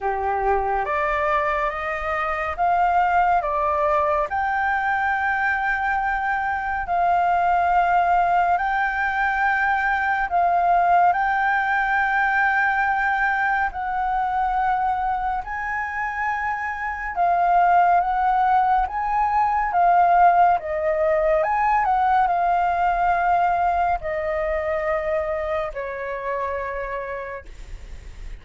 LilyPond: \new Staff \with { instrumentName = "flute" } { \time 4/4 \tempo 4 = 70 g'4 d''4 dis''4 f''4 | d''4 g''2. | f''2 g''2 | f''4 g''2. |
fis''2 gis''2 | f''4 fis''4 gis''4 f''4 | dis''4 gis''8 fis''8 f''2 | dis''2 cis''2 | }